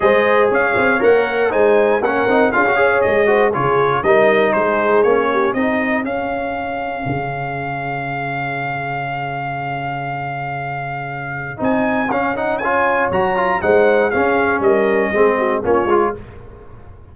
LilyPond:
<<
  \new Staff \with { instrumentName = "trumpet" } { \time 4/4 \tempo 4 = 119 dis''4 f''4 fis''4 gis''4 | fis''4 f''4 dis''4 cis''4 | dis''4 c''4 cis''4 dis''4 | f''1~ |
f''1~ | f''2. gis''4 | f''8 fis''8 gis''4 ais''4 fis''4 | f''4 dis''2 cis''4 | }
  \new Staff \with { instrumentName = "horn" } { \time 4/4 c''4 cis''2 c''4 | ais'4 gis'8 cis''4 c''8 gis'4 | ais'4 gis'4. g'8 gis'4~ | gis'1~ |
gis'1~ | gis'1~ | gis'4 cis''2 c''4 | gis'4 ais'4 gis'8 fis'8 f'4 | }
  \new Staff \with { instrumentName = "trombone" } { \time 4/4 gis'2 ais'4 dis'4 | cis'8 dis'8 f'16 fis'16 gis'4 fis'8 f'4 | dis'2 cis'4 dis'4 | cis'1~ |
cis'1~ | cis'2. dis'4 | cis'8 dis'8 f'4 fis'8 f'8 dis'4 | cis'2 c'4 cis'8 f'8 | }
  \new Staff \with { instrumentName = "tuba" } { \time 4/4 gis4 cis'8 c'8 ais4 gis4 | ais8 c'8 cis'4 gis4 cis4 | g4 gis4 ais4 c'4 | cis'2 cis2~ |
cis1~ | cis2. c'4 | cis'2 fis4 gis4 | cis'4 g4 gis4 ais8 gis8 | }
>>